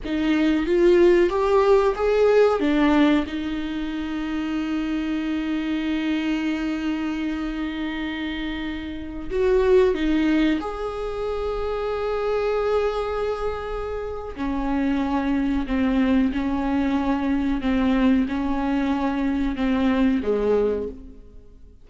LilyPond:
\new Staff \with { instrumentName = "viola" } { \time 4/4 \tempo 4 = 92 dis'4 f'4 g'4 gis'4 | d'4 dis'2.~ | dis'1~ | dis'2~ dis'16 fis'4 dis'8.~ |
dis'16 gis'2.~ gis'8.~ | gis'2 cis'2 | c'4 cis'2 c'4 | cis'2 c'4 gis4 | }